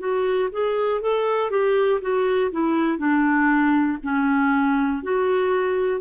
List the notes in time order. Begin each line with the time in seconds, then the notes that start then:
0.00 F#4
0.53 G#4
1.02 A4
1.51 G4
2.02 F#4
2.52 E4
2.99 D4
4.04 C#4
5.03 F#4